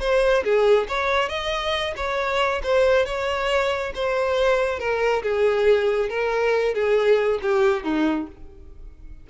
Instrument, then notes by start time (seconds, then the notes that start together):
violin
0.00 C5
0.44 G#4
0.88 C#5
1.29 D#5
1.96 C#5
2.63 C5
3.06 C#5
3.95 C5
4.79 A#4
5.23 G#4
6.09 A#4
6.75 G#4
7.42 G4
7.84 D#4